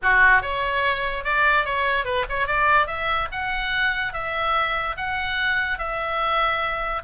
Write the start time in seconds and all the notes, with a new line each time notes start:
0.02 F#4
0.42 C#5
1.24 D5
1.65 C#5
2.04 B4
2.29 C#5
2.46 D5
2.86 E5
3.31 F#5
4.13 E5
4.96 F#5
5.78 E5